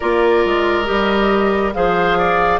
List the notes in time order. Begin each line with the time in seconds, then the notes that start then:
0.00 A#3 F4 A#4 D5
0.45 G#3
0.85 G3 G4 D#5
1.73 F3 G#4 C5 F5
2.18 D5